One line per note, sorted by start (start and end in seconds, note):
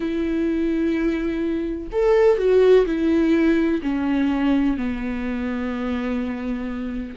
0.00 1.88 E4
1.92 2.37 A4
2.37 2.85 F#4
2.86 3.81 E4
3.82 4.77 C#4
4.77 7.15 B3